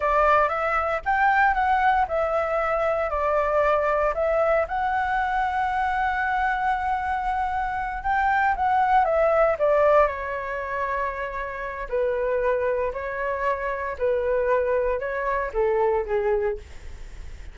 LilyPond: \new Staff \with { instrumentName = "flute" } { \time 4/4 \tempo 4 = 116 d''4 e''4 g''4 fis''4 | e''2 d''2 | e''4 fis''2.~ | fis''2.~ fis''8 g''8~ |
g''8 fis''4 e''4 d''4 cis''8~ | cis''2. b'4~ | b'4 cis''2 b'4~ | b'4 cis''4 a'4 gis'4 | }